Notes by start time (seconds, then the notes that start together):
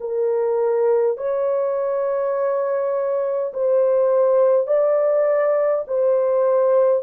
0.00 A#4
1.17 C#5
3.53 C5
4.66 D5
5.87 C5